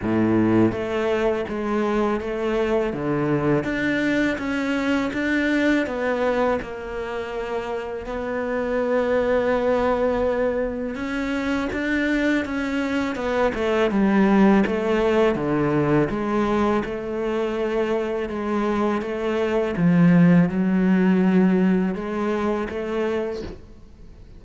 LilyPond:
\new Staff \with { instrumentName = "cello" } { \time 4/4 \tempo 4 = 82 a,4 a4 gis4 a4 | d4 d'4 cis'4 d'4 | b4 ais2 b4~ | b2. cis'4 |
d'4 cis'4 b8 a8 g4 | a4 d4 gis4 a4~ | a4 gis4 a4 f4 | fis2 gis4 a4 | }